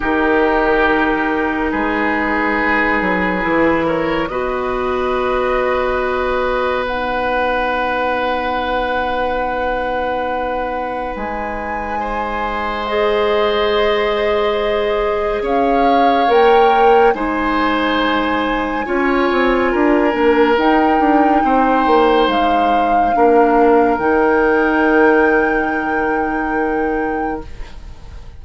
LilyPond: <<
  \new Staff \with { instrumentName = "flute" } { \time 4/4 \tempo 4 = 70 ais'2 b'2~ | b'8 cis''8 dis''2. | fis''1~ | fis''4 gis''2 dis''4~ |
dis''2 f''4 g''4 | gis''1 | g''2 f''2 | g''1 | }
  \new Staff \with { instrumentName = "oboe" } { \time 4/4 g'2 gis'2~ | gis'8 ais'8 b'2.~ | b'1~ | b'2 c''2~ |
c''2 cis''2 | c''2 cis''4 ais'4~ | ais'4 c''2 ais'4~ | ais'1 | }
  \new Staff \with { instrumentName = "clarinet" } { \time 4/4 dis'1 | e'4 fis'2. | dis'1~ | dis'2. gis'4~ |
gis'2. ais'4 | dis'2 f'4. d'8 | dis'2. d'4 | dis'1 | }
  \new Staff \with { instrumentName = "bassoon" } { \time 4/4 dis2 gis4. fis8 | e4 b2.~ | b1~ | b4 gis2.~ |
gis2 cis'4 ais4 | gis2 cis'8 c'8 d'8 ais8 | dis'8 d'8 c'8 ais8 gis4 ais4 | dis1 | }
>>